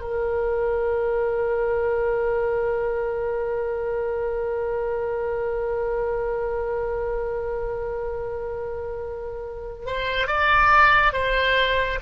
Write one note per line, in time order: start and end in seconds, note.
0.00 9.86 A#4
9.86 10.27 C5
10.27 11.13 D5
11.13 11.98 C5